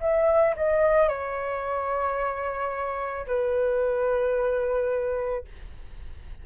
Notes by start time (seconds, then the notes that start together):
0.00 E5
0.56 D#5
1.08 C#5
3.26 B4